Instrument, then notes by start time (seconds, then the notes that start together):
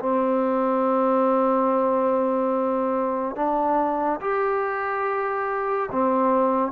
trombone
0.00 C4
3.36 D4
4.21 G4
5.92 C4